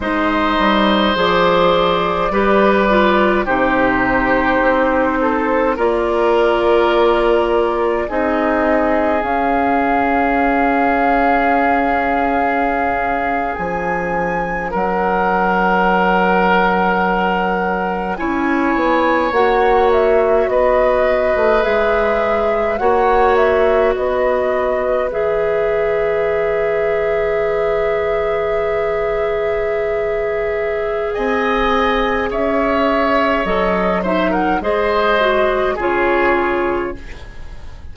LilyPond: <<
  \new Staff \with { instrumentName = "flute" } { \time 4/4 \tempo 4 = 52 dis''4 d''2 c''4~ | c''4 d''2 dis''4 | f''2.~ f''8. gis''16~ | gis''8. fis''2. gis''16~ |
gis''8. fis''8 e''8 dis''4 e''4 fis''16~ | fis''16 e''8 dis''4 e''2~ e''16~ | e''2. gis''4 | e''4 dis''8 e''16 fis''16 dis''4 cis''4 | }
  \new Staff \with { instrumentName = "oboe" } { \time 4/4 c''2 b'4 g'4~ | g'8 a'8 ais'2 gis'4~ | gis'1~ | gis'8. ais'2. cis''16~ |
cis''4.~ cis''16 b'2 cis''16~ | cis''8. b'2.~ b'16~ | b'2. dis''4 | cis''4. c''16 ais'16 c''4 gis'4 | }
  \new Staff \with { instrumentName = "clarinet" } { \time 4/4 dis'4 gis'4 g'8 f'8 dis'4~ | dis'4 f'2 dis'4 | cis'1~ | cis'2.~ cis'8. e'16~ |
e'8. fis'2 gis'4 fis'16~ | fis'4.~ fis'16 gis'2~ gis'16~ | gis'1~ | gis'4 a'8 dis'8 gis'8 fis'8 f'4 | }
  \new Staff \with { instrumentName = "bassoon" } { \time 4/4 gis8 g8 f4 g4 c4 | c'4 ais2 c'4 | cis'2.~ cis'8. f16~ | f8. fis2. cis'16~ |
cis'16 b8 ais4 b8. a16 gis4 ais16~ | ais8. b4 e2~ e16~ | e2. c'4 | cis'4 fis4 gis4 cis4 | }
>>